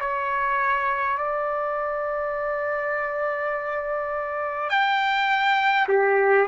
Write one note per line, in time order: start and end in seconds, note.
0.00 1.18 C#5
1.18 4.70 D5
4.70 5.87 G5
5.88 6.47 G4